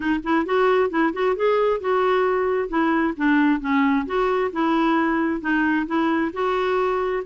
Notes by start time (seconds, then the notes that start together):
0.00 D#4
0.23 E4
0.45 F#4
0.90 E4
1.13 F#4
1.36 G#4
1.80 F#4
2.68 E4
3.17 D4
3.60 C#4
4.06 F#4
4.52 E4
5.40 D#4
5.86 E4
6.33 F#4